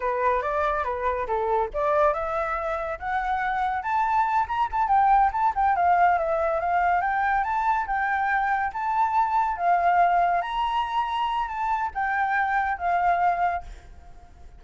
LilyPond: \new Staff \with { instrumentName = "flute" } { \time 4/4 \tempo 4 = 141 b'4 d''4 b'4 a'4 | d''4 e''2 fis''4~ | fis''4 a''4. ais''8 a''8 g''8~ | g''8 a''8 g''8 f''4 e''4 f''8~ |
f''8 g''4 a''4 g''4.~ | g''8 a''2 f''4.~ | f''8 ais''2~ ais''8 a''4 | g''2 f''2 | }